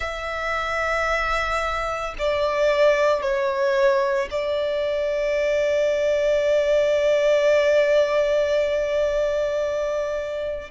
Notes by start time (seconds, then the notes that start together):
0.00 E5
2.18 D5
3.21 C#5
4.31 D5